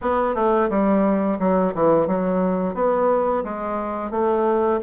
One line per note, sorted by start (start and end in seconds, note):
0.01 0.34 B3
0.34 0.69 A3
0.69 1.38 G3
1.39 1.73 F#3
1.74 2.07 E3
2.07 2.74 F#3
2.74 3.43 B3
3.44 4.10 G#3
4.10 4.79 A3